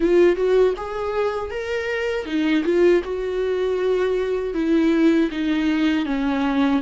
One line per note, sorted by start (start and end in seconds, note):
0.00 0.36 F4
0.36 0.74 F#4
0.77 1.50 G#4
1.50 2.25 A#4
2.25 2.63 D#4
2.64 3.02 F4
3.03 4.54 F#4
4.54 5.30 E4
5.31 6.06 D#4
6.06 6.81 C#4